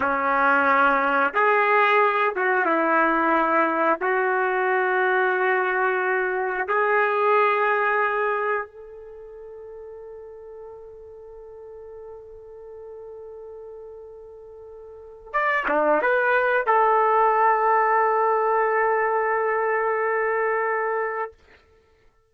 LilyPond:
\new Staff \with { instrumentName = "trumpet" } { \time 4/4 \tempo 4 = 90 cis'2 gis'4. fis'8 | e'2 fis'2~ | fis'2 gis'2~ | gis'4 a'2.~ |
a'1~ | a'2. d''8 d'8 | b'4 a'2.~ | a'1 | }